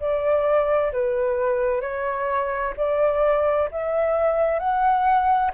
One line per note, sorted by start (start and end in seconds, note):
0.00 0.92 D5
0.93 1.81 B4
1.81 2.74 C#5
2.77 3.69 D5
3.71 4.59 E5
4.59 5.51 F#5